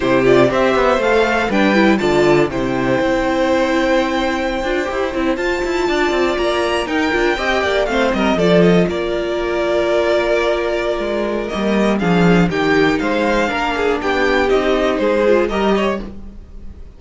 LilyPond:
<<
  \new Staff \with { instrumentName = "violin" } { \time 4/4 \tempo 4 = 120 c''8 d''8 e''4 f''4 g''4 | a''4 g''2.~ | g''2~ g''8. a''4~ a''16~ | a''8. ais''4 g''2 f''16~ |
f''16 dis''8 d''8 dis''8 d''2~ d''16~ | d''2. dis''4 | f''4 g''4 f''2 | g''4 dis''4 c''4 dis''4 | }
  \new Staff \with { instrumentName = "violin" } { \time 4/4 g'4 c''2 b'4 | d''4 c''2.~ | c''2.~ c''8. d''16~ | d''4.~ d''16 ais'4 dis''8 d''8 c''16~ |
c''16 ais'8 a'4 ais'2~ ais'16~ | ais'1 | gis'4 g'4 c''4 ais'8 gis'8 | g'2 gis'4 ais'8 cis''8 | }
  \new Staff \with { instrumentName = "viola" } { \time 4/4 e'8 f'8 g'4 a'4 d'8 e'8 | f'4 e'2.~ | e'4~ e'16 f'8 g'8 e'8 f'4~ f'16~ | f'4.~ f'16 dis'8 f'8 g'4 c'16~ |
c'8. f'2.~ f'16~ | f'2. ais4 | d'4 dis'2 d'4~ | d'4 dis'4. f'8 g'4 | }
  \new Staff \with { instrumentName = "cello" } { \time 4/4 c4 c'8 b8 a4 g4 | d4 c4 c'2~ | c'4~ c'16 d'8 e'8 c'8 f'8 e'8 d'16~ | d'16 c'8 ais4 dis'8 d'8 c'8 ais8 a16~ |
a16 g8 f4 ais2~ ais16~ | ais2 gis4 g4 | f4 dis4 gis4 ais4 | b4 c'4 gis4 g4 | }
>>